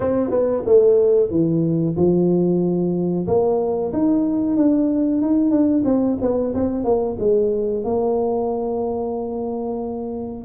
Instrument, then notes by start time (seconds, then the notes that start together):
tuba
0.00 C4
0.30 B3
0.66 A3
1.30 E3
1.96 F3
3.27 A#3
3.92 D#4
4.56 D4
5.21 D#4
5.50 D4
5.85 C4
6.21 B3
6.54 C4
6.84 A#3
7.19 G#3
7.83 A#3